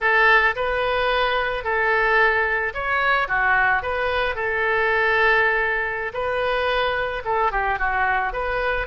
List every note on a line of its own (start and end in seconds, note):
0.00 0.55 A4
0.55 1.64 B4
1.64 2.73 A4
2.74 3.28 C#5
3.28 3.82 F#4
3.82 4.35 B4
4.35 6.12 A4
6.13 7.22 B4
7.24 7.51 A4
7.51 7.78 G4
7.78 8.33 F#4
8.33 8.86 B4